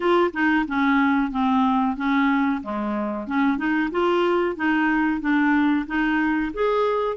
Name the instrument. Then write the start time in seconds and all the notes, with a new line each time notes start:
clarinet
0.00 F4
0.33 D#4
0.67 C#4
1.31 C4
1.96 C#4
2.63 G#3
3.27 C#4
3.57 D#4
3.91 F4
4.55 D#4
5.20 D4
5.86 D#4
6.53 G#4